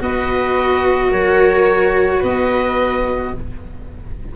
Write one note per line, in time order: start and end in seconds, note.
0.00 1.11 B3
0.00 3.33 F#4
0.00 1.10 B4
0.00 1.12 D#5
1.10 2.22 F#3
1.10 2.19 A#4
1.10 2.23 C#5
2.19 3.34 B3
2.19 3.30 B4
2.19 3.36 D#5